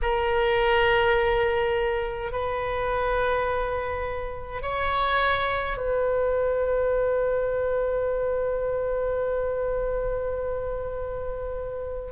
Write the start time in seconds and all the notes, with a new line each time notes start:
0.02 A#4
2.32 B4
4.62 C#5
5.77 B4